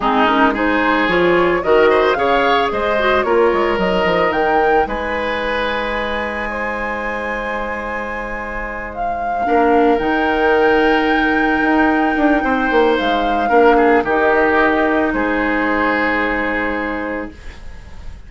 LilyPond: <<
  \new Staff \with { instrumentName = "flute" } { \time 4/4 \tempo 4 = 111 gis'8 ais'8 c''4 cis''4 dis''4 | f''4 dis''4 cis''4 dis''4 | g''4 gis''2.~ | gis''1~ |
gis''8 f''2 g''4.~ | g''1 | f''2 dis''2 | c''1 | }
  \new Staff \with { instrumentName = "oboe" } { \time 4/4 dis'4 gis'2 ais'8 c''8 | cis''4 c''4 ais'2~ | ais'4 b'2. | c''1~ |
c''4. ais'2~ ais'8~ | ais'2. c''4~ | c''4 ais'8 gis'8 g'2 | gis'1 | }
  \new Staff \with { instrumentName = "clarinet" } { \time 4/4 c'8 cis'8 dis'4 f'4 fis'4 | gis'4. fis'8 f'4 dis'4~ | dis'1~ | dis'1~ |
dis'4. d'4 dis'4.~ | dis'1~ | dis'4 d'4 dis'2~ | dis'1 | }
  \new Staff \with { instrumentName = "bassoon" } { \time 4/4 gis2 f4 dis4 | cis4 gis4 ais8 gis8 fis8 f8 | dis4 gis2.~ | gis1~ |
gis4. ais4 dis4.~ | dis4. dis'4 d'8 c'8 ais8 | gis4 ais4 dis2 | gis1 | }
>>